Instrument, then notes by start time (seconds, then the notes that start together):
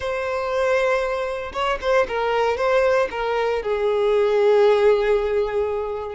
violin
0.00 C5
1.52 C#5
1.81 C5
2.08 A#4
2.57 C5
3.10 A#4
3.62 G#4